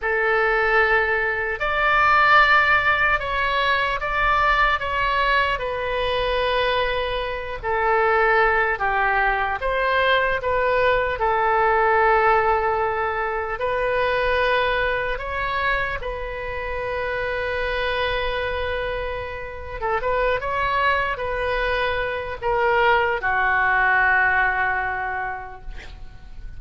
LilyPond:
\new Staff \with { instrumentName = "oboe" } { \time 4/4 \tempo 4 = 75 a'2 d''2 | cis''4 d''4 cis''4 b'4~ | b'4. a'4. g'4 | c''4 b'4 a'2~ |
a'4 b'2 cis''4 | b'1~ | b'8. a'16 b'8 cis''4 b'4. | ais'4 fis'2. | }